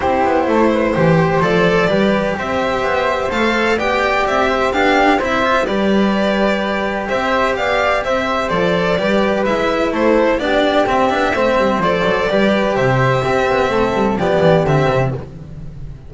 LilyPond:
<<
  \new Staff \with { instrumentName = "violin" } { \time 4/4 \tempo 4 = 127 c''2. d''4~ | d''4 e''2 f''4 | g''4 e''4 f''4 e''4 | d''2. e''4 |
f''4 e''4 d''2 | e''4 c''4 d''4 e''4~ | e''4 d''2 e''4~ | e''2 d''4 e''4 | }
  \new Staff \with { instrumentName = "flute" } { \time 4/4 g'4 a'8 b'8 c''2 | b'4 c''2. | d''4. c''8 g'4 c''4 | b'2. c''4 |
d''4 c''2 b'4~ | b'4 a'4 g'2 | c''2 b'4 c''4 | g'4 a'4 g'2 | }
  \new Staff \with { instrumentName = "cello" } { \time 4/4 e'2 g'4 a'4 | g'2. a'4 | g'2 d'4 e'8 f'8 | g'1~ |
g'2 a'4 g'4 | e'2 d'4 c'8 d'8 | c'4 a'4 g'2 | c'2 b4 c'4 | }
  \new Staff \with { instrumentName = "double bass" } { \time 4/4 c'8 b8 a4 e4 f4 | g4 c'4 b4 a4 | b4 c'4 b4 c'4 | g2. c'4 |
b4 c'4 f4 g4 | gis4 a4 b4 c'8 b8 | a8 g8 f8 fis8 g4 c4 | c'8 b8 a8 g8 f8 e8 d8 c8 | }
>>